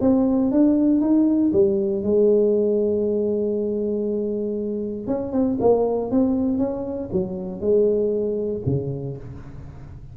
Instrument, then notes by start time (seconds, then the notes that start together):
tuba
0.00 C4
0.51 D4
1.01 D#4
1.52 G3
2.02 G#3
5.06 C#4
5.32 C4
5.60 A#3
6.11 C4
6.58 C#4
7.12 F#3
7.60 G#3
8.66 C#3